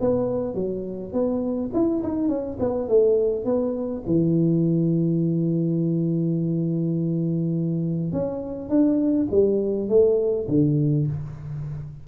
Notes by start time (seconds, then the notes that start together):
0.00 B3
0.54 F#3
1.12 B3
1.73 E4
2.03 D#4
2.28 C#4
2.59 B3
2.88 A3
3.44 B3
4.06 E3
8.12 C#4
8.69 D4
9.30 G3
9.88 A3
10.48 D3